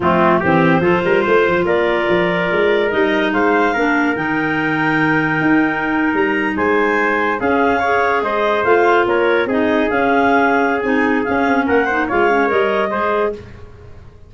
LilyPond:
<<
  \new Staff \with { instrumentName = "clarinet" } { \time 4/4 \tempo 4 = 144 f'4 c''2. | d''2. dis''4 | f''2 g''2~ | g''2~ g''8. ais''4 gis''16~ |
gis''4.~ gis''16 f''2 dis''16~ | dis''8. f''4 cis''4 dis''4 f''16~ | f''2 gis''4 f''4 | fis''4 f''4 dis''2 | }
  \new Staff \with { instrumentName = "trumpet" } { \time 4/4 c'4 g'4 a'8 ais'8 c''4 | ais'1 | c''4 ais'2.~ | ais'2.~ ais'8. c''16~ |
c''4.~ c''16 gis'4 cis''4 c''16~ | c''4.~ c''16 ais'4 gis'4~ gis'16~ | gis'1 | ais'8 c''8 cis''2 c''4 | }
  \new Staff \with { instrumentName = "clarinet" } { \time 4/4 a4 c'4 f'2~ | f'2. dis'4~ | dis'4 d'4 dis'2~ | dis'1~ |
dis'4.~ dis'16 cis'4 gis'4~ gis'16~ | gis'8. f'2 dis'4 cis'16~ | cis'2 dis'4 cis'4~ | cis'8 dis'8 f'8 cis'8 ais'4 gis'4 | }
  \new Staff \with { instrumentName = "tuba" } { \time 4/4 f4 e4 f8 g8 a8 f8 | ais4 f4 gis4 g4 | gis4 ais4 dis2~ | dis4 dis'4.~ dis'16 g4 gis16~ |
gis4.~ gis16 cis'2 gis16~ | gis8. a4 ais4 c'4 cis'16~ | cis'2 c'4 cis'8 c'8 | ais4 gis4 g4 gis4 | }
>>